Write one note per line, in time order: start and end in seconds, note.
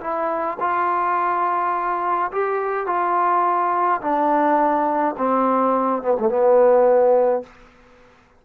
0.00 0.57 E4
0.59 2.31 F4
2.32 2.86 G4
2.86 4.00 F4
4.01 5.15 D4
5.17 6.02 C4
6.02 6.16 B3
6.19 6.29 A3
6.29 7.43 B3